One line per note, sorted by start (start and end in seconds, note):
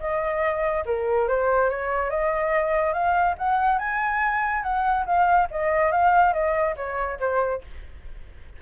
0.00 0.85 D#5
0.86 1.28 A#4
1.28 1.70 C5
1.70 2.10 C#5
2.10 2.93 D#5
2.93 3.36 F5
3.38 3.79 F#5
3.79 4.63 G#5
4.63 5.06 F#5
5.06 5.48 F5
5.51 5.92 D#5
5.92 6.33 F5
6.33 6.75 D#5
6.77 7.19 C#5
7.20 7.62 C5